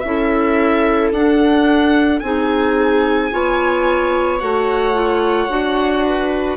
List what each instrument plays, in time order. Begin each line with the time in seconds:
0.00 bassoon C#4, clarinet E4, violin E5
0.07 viola A4
1.12 bassoon D4, clarinet D4, violin F#5
2.20 bassoon C4, clarinet D#4, viola G#4, violin G#5
3.32 bassoon B3, clarinet F4, viola C#5
4.40 bassoon A3, clarinet F#4, violin F#5
4.94 clarinet F4
5.49 bassoon D4, clarinet F#4
6.05 viola B4